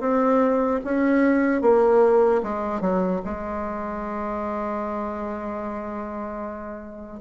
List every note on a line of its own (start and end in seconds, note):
0.00 0.80 C4
0.85 1.62 C#4
1.62 2.42 A#3
2.43 2.81 G#3
2.81 3.21 F#3
3.25 7.21 G#3